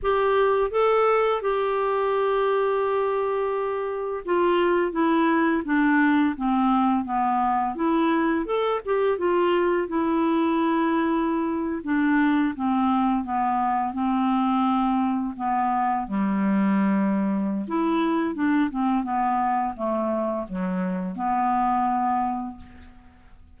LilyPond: \new Staff \with { instrumentName = "clarinet" } { \time 4/4 \tempo 4 = 85 g'4 a'4 g'2~ | g'2 f'4 e'4 | d'4 c'4 b4 e'4 | a'8 g'8 f'4 e'2~ |
e'8. d'4 c'4 b4 c'16~ | c'4.~ c'16 b4 g4~ g16~ | g4 e'4 d'8 c'8 b4 | a4 fis4 b2 | }